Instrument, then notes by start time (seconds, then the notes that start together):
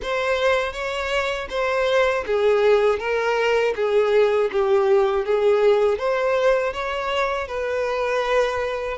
violin
0.02 C5
0.73 C#5
1.49 C5
2.26 G#4
2.99 A#4
3.75 G#4
4.52 G4
5.25 G#4
5.98 C5
6.73 C#5
7.47 B4